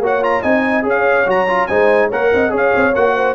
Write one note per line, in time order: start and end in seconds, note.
0.00 0.42 A#3
0.00 0.22 F#4
0.00 0.43 C#5
0.00 0.24 F#5
0.22 0.43 F4
0.22 0.43 A#5
0.43 0.84 C4
0.43 0.83 D#4
0.43 0.85 D#5
0.43 0.85 G#5
0.83 1.26 C#4
0.83 1.25 G#4
0.83 1.69 C#5
0.90 1.30 F5
1.26 1.68 F#3
1.26 1.47 F#4
1.26 1.67 A#5
1.48 1.69 F4
1.67 2.12 G#3
1.67 2.12 D#4
1.67 2.08 C5
1.67 2.09 G#5
2.08 2.33 A#3
2.08 2.50 A#4
2.08 2.29 C#5
2.08 2.54 F#5
2.33 2.51 C4
2.33 2.53 D#5
2.50 2.72 C#4
2.50 2.92 G#4
2.50 3.15 C#5
2.57 2.95 F5
2.76 2.95 C4
2.95 3.36 A#3
2.95 3.36 F#4
2.95 3.36 F#5
3.15 3.36 C5